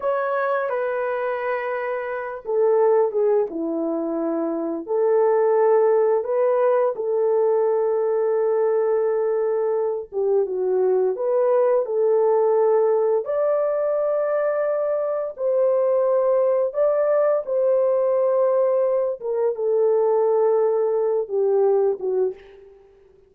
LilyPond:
\new Staff \with { instrumentName = "horn" } { \time 4/4 \tempo 4 = 86 cis''4 b'2~ b'8 a'8~ | a'8 gis'8 e'2 a'4~ | a'4 b'4 a'2~ | a'2~ a'8 g'8 fis'4 |
b'4 a'2 d''4~ | d''2 c''2 | d''4 c''2~ c''8 ais'8 | a'2~ a'8 g'4 fis'8 | }